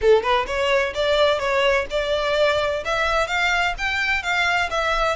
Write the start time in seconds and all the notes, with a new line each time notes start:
0.01 A4
0.22 B4
0.46 C#5
0.94 D5
1.39 C#5
1.90 D5
2.84 E5
3.27 F5
3.78 G5
4.22 F5
4.70 E5